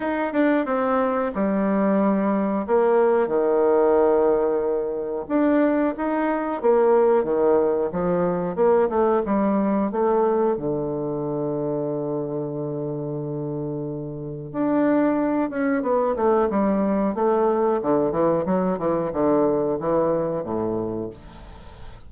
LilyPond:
\new Staff \with { instrumentName = "bassoon" } { \time 4/4 \tempo 4 = 91 dis'8 d'8 c'4 g2 | ais4 dis2. | d'4 dis'4 ais4 dis4 | f4 ais8 a8 g4 a4 |
d1~ | d2 d'4. cis'8 | b8 a8 g4 a4 d8 e8 | fis8 e8 d4 e4 a,4 | }